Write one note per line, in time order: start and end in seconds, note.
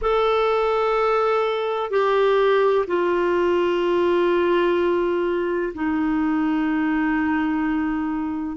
0.01 1.90 A4
1.90 2.85 G4
2.87 5.73 F4
5.74 8.57 D#4